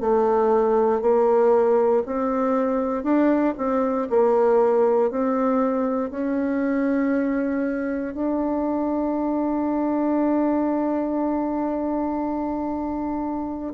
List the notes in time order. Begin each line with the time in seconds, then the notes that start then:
0.00 A3
1.01 A#3
2.06 C4
3.03 D4
3.57 C4
4.10 A#3
5.10 C4
6.11 C#4
8.14 D4